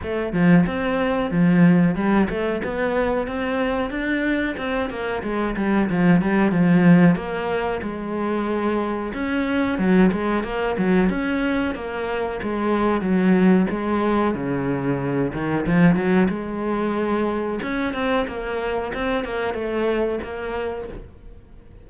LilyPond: \new Staff \with { instrumentName = "cello" } { \time 4/4 \tempo 4 = 92 a8 f8 c'4 f4 g8 a8 | b4 c'4 d'4 c'8 ais8 | gis8 g8 f8 g8 f4 ais4 | gis2 cis'4 fis8 gis8 |
ais8 fis8 cis'4 ais4 gis4 | fis4 gis4 cis4. dis8 | f8 fis8 gis2 cis'8 c'8 | ais4 c'8 ais8 a4 ais4 | }